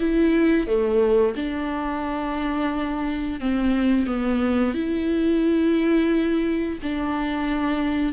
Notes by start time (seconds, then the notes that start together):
0.00 E4
0.67 A3
1.36 D4
3.40 C4
4.07 B3
4.74 E4
6.82 D4